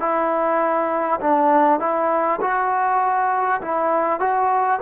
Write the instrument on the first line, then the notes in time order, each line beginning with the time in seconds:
trombone
0.00 E4
1.21 D4
1.80 E4
2.41 F#4
3.62 E4
4.20 F#4